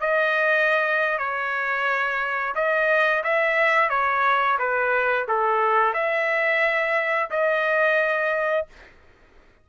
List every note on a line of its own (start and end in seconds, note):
0.00 1.18 D#5
1.18 2.54 C#5
2.55 3.23 D#5
3.23 3.89 E5
3.89 4.57 C#5
4.58 5.27 B4
5.27 5.93 A4
5.93 7.30 E5
7.30 8.66 D#5